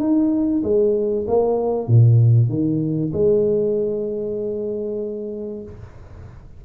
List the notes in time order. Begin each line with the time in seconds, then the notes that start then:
0.00 D#4
0.63 G#3
1.27 A#3
1.87 A#2
2.49 D#3
3.13 G#3